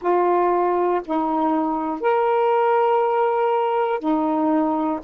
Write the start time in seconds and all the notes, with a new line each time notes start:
0.01 F4
1.05 D#4
2.00 A#4
4.00 D#4